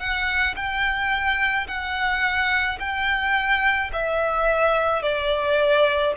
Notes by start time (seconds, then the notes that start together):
0.00 F#5
0.57 G5
1.68 F#5
2.80 G5
3.93 E5
5.03 D5